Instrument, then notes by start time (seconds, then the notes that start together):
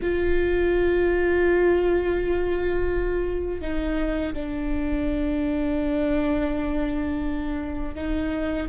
viola
0.02 F4
3.61 D#4
4.33 D4
7.95 D#4